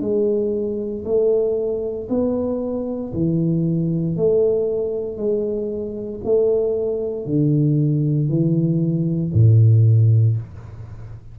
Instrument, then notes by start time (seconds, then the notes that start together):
tuba
0.00 G#3
1.04 A3
2.09 B3
3.13 E3
4.16 A3
5.17 G#3
6.24 A3
7.25 D3
8.29 E3
9.33 A2